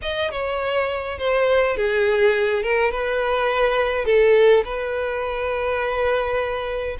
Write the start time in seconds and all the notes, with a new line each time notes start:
0.02 D#5
0.31 C#5
1.18 C5
1.76 G#4
2.62 A#4
2.91 B4
4.05 A4
4.64 B4